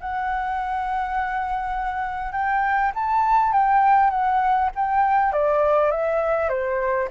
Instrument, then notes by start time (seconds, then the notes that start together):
flute
0.00 F#5
2.32 G5
2.94 A5
3.53 G5
4.10 F#5
4.76 G5
5.32 D5
5.91 E5
6.49 C5